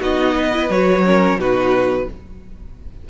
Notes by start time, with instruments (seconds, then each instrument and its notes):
0.00 cello B3, viola D#4, violin F#4 D#5
0.35 violin B4
0.53 viola E4
0.69 cello F#3, viola F#4, violin C#5
1.05 viola C#4, violin A#4
1.36 cello B2, viola D#4, violin F#4 B4